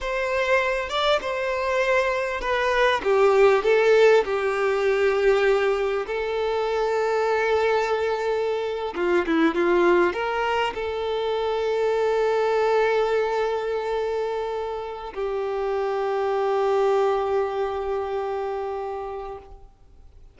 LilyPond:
\new Staff \with { instrumentName = "violin" } { \time 4/4 \tempo 4 = 99 c''4. d''8 c''2 | b'4 g'4 a'4 g'4~ | g'2 a'2~ | a'2~ a'8. f'8 e'8 f'16~ |
f'8. ais'4 a'2~ a'16~ | a'1~ | a'4 g'2.~ | g'1 | }